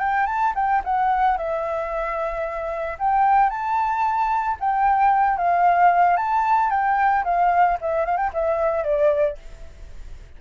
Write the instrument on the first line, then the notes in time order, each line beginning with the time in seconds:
flute
0.00 G5
0.27 A5
0.56 G5
0.85 F#5
1.38 E5
2.99 G5
3.50 A5
4.60 G5
5.38 F5
6.17 A5
6.71 G5
7.25 F5
7.81 E5
8.06 F5
8.17 G5
8.34 E5
8.84 D5